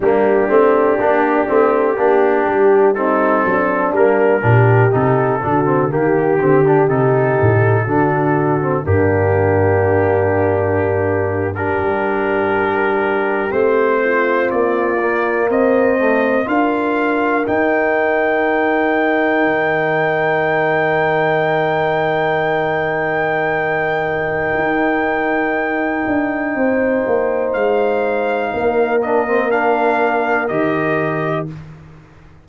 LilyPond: <<
  \new Staff \with { instrumentName = "trumpet" } { \time 4/4 \tempo 4 = 61 g'2. a'4 | ais'4 a'4 g'4 a'4~ | a'4 g'2~ g'8. ais'16~ | ais'4.~ ais'16 c''4 d''4 dis''16~ |
dis''8. f''4 g''2~ g''16~ | g''1~ | g''1 | f''4. dis''8 f''4 dis''4 | }
  \new Staff \with { instrumentName = "horn" } { \time 4/4 d'2 g'4 dis'8 d'8~ | d'8 g'4 fis'8 g'2 | fis'4 d'2~ d'8. g'16~ | g'2~ g'16 f'4. c''16~ |
c''8. ais'2.~ ais'16~ | ais'1~ | ais'2. c''4~ | c''4 ais'2. | }
  \new Staff \with { instrumentName = "trombone" } { \time 4/4 ais8 c'8 d'8 c'8 d'4 c'4 | ais8 d'8 dis'8 d'16 c'16 ais8 c'16 d'16 dis'4 | d'8. c'16 ais2~ ais8. d'16~ | d'4.~ d'16 c'4. ais8.~ |
ais16 a8 f'4 dis'2~ dis'16~ | dis'1~ | dis'1~ | dis'4. d'16 c'16 d'4 g'4 | }
  \new Staff \with { instrumentName = "tuba" } { \time 4/4 g8 a8 ais8 a8 ais8 g4 fis8 | g8 ais,8 c8 d8 dis8 d8 c8 a,8 | d4 g,2. | g4.~ g16 a4 ais4 c'16~ |
c'8. d'4 dis'2 dis16~ | dis1~ | dis4 dis'4. d'8 c'8 ais8 | gis4 ais2 dis4 | }
>>